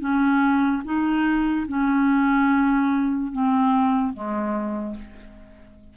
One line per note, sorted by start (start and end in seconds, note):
0.00 0.82 C#4
0.84 1.67 D#4
1.68 3.32 C#4
3.32 4.13 C4
4.13 4.95 G#3